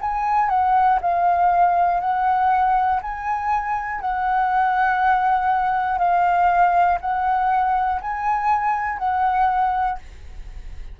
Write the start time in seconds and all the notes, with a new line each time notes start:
0.00 G#5
0.49 F#5
1.00 F5
2.00 F#5
3.02 G#5
4.00 F#5
5.98 F5
7.00 F#5
8.00 G#5
8.98 F#5